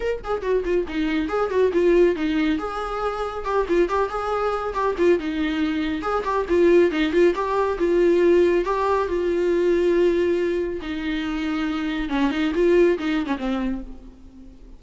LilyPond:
\new Staff \with { instrumentName = "viola" } { \time 4/4 \tempo 4 = 139 ais'8 gis'8 fis'8 f'8 dis'4 gis'8 fis'8 | f'4 dis'4 gis'2 | g'8 f'8 g'8 gis'4. g'8 f'8 | dis'2 gis'8 g'8 f'4 |
dis'8 f'8 g'4 f'2 | g'4 f'2.~ | f'4 dis'2. | cis'8 dis'8 f'4 dis'8. cis'16 c'4 | }